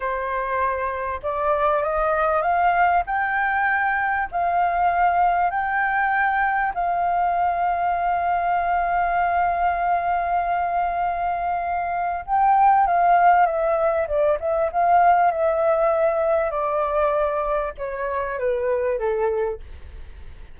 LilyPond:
\new Staff \with { instrumentName = "flute" } { \time 4/4 \tempo 4 = 98 c''2 d''4 dis''4 | f''4 g''2 f''4~ | f''4 g''2 f''4~ | f''1~ |
f''1 | g''4 f''4 e''4 d''8 e''8 | f''4 e''2 d''4~ | d''4 cis''4 b'4 a'4 | }